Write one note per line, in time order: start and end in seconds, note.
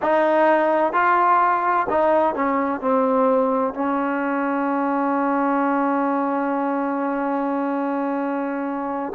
0.02 0.92 D#4
0.92 1.86 F4
1.89 2.34 D#4
2.34 2.80 C#4
2.80 3.74 C4
3.74 9.13 C#4